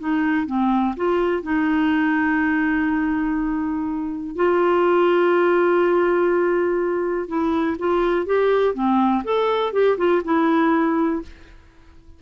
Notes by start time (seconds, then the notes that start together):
0.00 D#4
0.47 C4
0.97 F4
1.43 D#4
4.36 F4
7.28 E4
7.79 F4
8.27 G4
8.75 C4
9.24 A4
9.73 G4
9.98 F4
10.25 E4